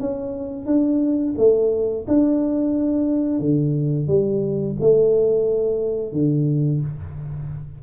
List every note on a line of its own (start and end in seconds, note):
0.00 0.66 C#4
0.66 1.34 D4
1.37 2.05 A3
2.07 3.40 D4
3.40 4.08 D3
4.08 4.76 G3
4.80 6.12 A3
6.12 6.81 D3